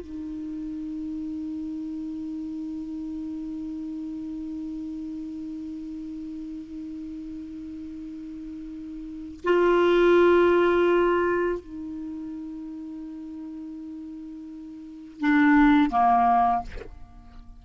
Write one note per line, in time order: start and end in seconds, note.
0.00 9.40 D#4
9.44 11.59 F4
11.59 15.20 D#4
15.20 15.90 D4
15.90 16.62 A#3